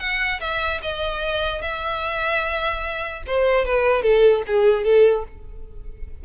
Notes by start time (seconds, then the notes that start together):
0.00 F#5
0.41 E5
0.83 D#5
1.62 E5
3.27 C5
3.66 B4
4.03 A4
4.47 G#4
4.84 A4